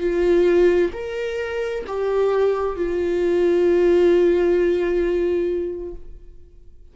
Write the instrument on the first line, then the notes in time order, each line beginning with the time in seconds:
viola
0.00 F4
0.93 A#4
1.87 G4
2.76 F4